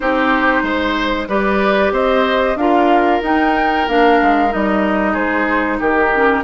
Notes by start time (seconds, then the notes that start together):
0.00 C4 D#4 G4 C5
0.62 G#3 C5
1.28 G3 G4 B4 D5
1.91 C4 C5 D#5
2.55 D4 F4 A#4 F5
3.22 D#4 G5
3.87 A#3 D4 F5
4.22 G#3
4.49 G3 D#4 D#5
5.12 G#3 G#4 C5
5.79 D#3 G4 A#4
6.14 C#4